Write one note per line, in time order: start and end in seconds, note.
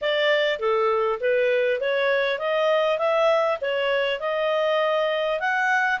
0.01 0.59 D5
0.59 1.19 A4
1.20 1.80 B4
1.80 2.38 C#5
2.38 2.98 D#5
2.98 3.58 E5
3.61 4.19 C#5
4.19 5.39 D#5
5.39 5.99 F#5